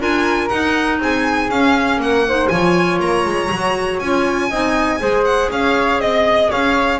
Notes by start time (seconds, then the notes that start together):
0.00 D4 F4 A#4 G#5
0.49 D#4 F#5
0.99 C4 G#4 G#5
1.50 C#4 F5
1.98 A#3 A#4 F#5
2.28 D#4 C5
2.48 F3 F4 C#5 G#5
3.00 A#3 A#5
3.25 G#3
3.51 F#3 F#4
3.99 C#4 F4 G#5
4.49 C4 D#4 D#5
5.00 G#3 G#4 C5
5.24 F#5
5.50 C#4 C#5 F5
5.99 C4 D#5
6.50 C#4 C#5 F5